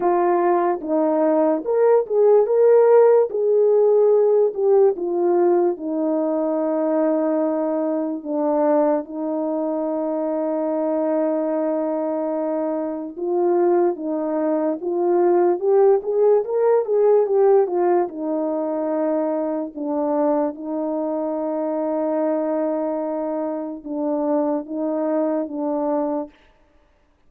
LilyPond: \new Staff \with { instrumentName = "horn" } { \time 4/4 \tempo 4 = 73 f'4 dis'4 ais'8 gis'8 ais'4 | gis'4. g'8 f'4 dis'4~ | dis'2 d'4 dis'4~ | dis'1 |
f'4 dis'4 f'4 g'8 gis'8 | ais'8 gis'8 g'8 f'8 dis'2 | d'4 dis'2.~ | dis'4 d'4 dis'4 d'4 | }